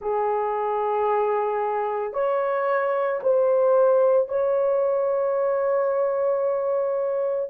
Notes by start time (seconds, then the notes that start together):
0.01 G#4
2.13 C#5
3.22 C5
4.28 C#5